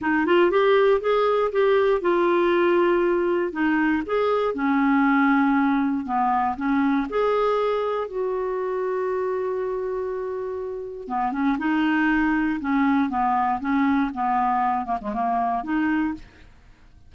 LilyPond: \new Staff \with { instrumentName = "clarinet" } { \time 4/4 \tempo 4 = 119 dis'8 f'8 g'4 gis'4 g'4 | f'2. dis'4 | gis'4 cis'2. | b4 cis'4 gis'2 |
fis'1~ | fis'2 b8 cis'8 dis'4~ | dis'4 cis'4 b4 cis'4 | b4. ais16 gis16 ais4 dis'4 | }